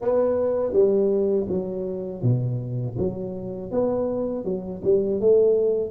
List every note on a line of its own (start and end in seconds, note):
0.01 0.72 B3
0.72 1.46 G3
1.48 2.22 F#3
2.22 2.96 B2
2.98 3.71 F#3
3.71 4.44 B3
4.44 4.81 F#3
4.84 5.20 G3
5.20 5.90 A3